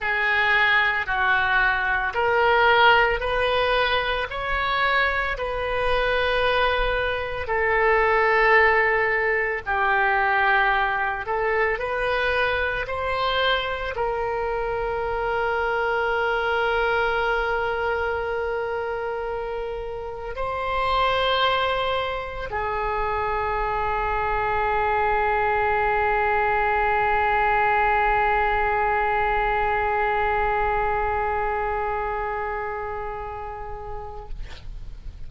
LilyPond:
\new Staff \with { instrumentName = "oboe" } { \time 4/4 \tempo 4 = 56 gis'4 fis'4 ais'4 b'4 | cis''4 b'2 a'4~ | a'4 g'4. a'8 b'4 | c''4 ais'2.~ |
ais'2. c''4~ | c''4 gis'2.~ | gis'1~ | gis'1 | }